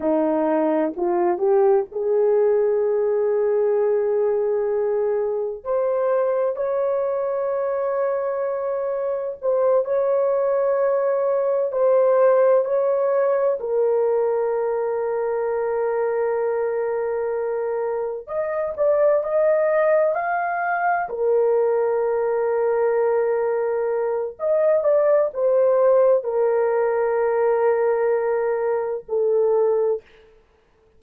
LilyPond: \new Staff \with { instrumentName = "horn" } { \time 4/4 \tempo 4 = 64 dis'4 f'8 g'8 gis'2~ | gis'2 c''4 cis''4~ | cis''2 c''8 cis''4.~ | cis''8 c''4 cis''4 ais'4.~ |
ais'2.~ ais'8 dis''8 | d''8 dis''4 f''4 ais'4.~ | ais'2 dis''8 d''8 c''4 | ais'2. a'4 | }